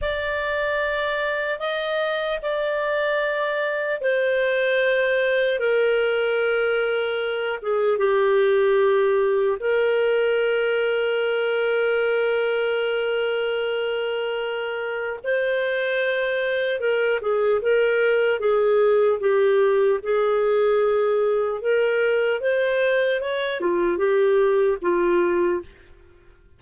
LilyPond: \new Staff \with { instrumentName = "clarinet" } { \time 4/4 \tempo 4 = 75 d''2 dis''4 d''4~ | d''4 c''2 ais'4~ | ais'4. gis'8 g'2 | ais'1~ |
ais'2. c''4~ | c''4 ais'8 gis'8 ais'4 gis'4 | g'4 gis'2 ais'4 | c''4 cis''8 f'8 g'4 f'4 | }